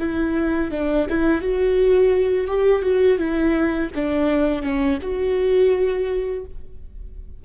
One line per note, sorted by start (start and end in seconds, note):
0.00 0.71 E4
0.72 1.07 D4
1.10 1.42 E4
1.42 2.48 F#4
2.48 2.83 G4
2.83 3.19 F#4
3.19 3.90 E4
3.95 4.63 D4
4.63 4.99 C#4
5.02 6.45 F#4